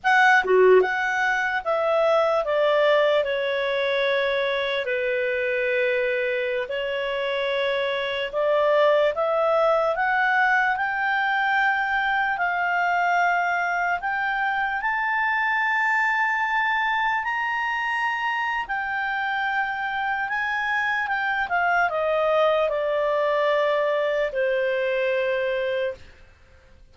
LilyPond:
\new Staff \with { instrumentName = "clarinet" } { \time 4/4 \tempo 4 = 74 fis''8 fis'8 fis''4 e''4 d''4 | cis''2 b'2~ | b'16 cis''2 d''4 e''8.~ | e''16 fis''4 g''2 f''8.~ |
f''4~ f''16 g''4 a''4.~ a''16~ | a''4~ a''16 ais''4.~ ais''16 g''4~ | g''4 gis''4 g''8 f''8 dis''4 | d''2 c''2 | }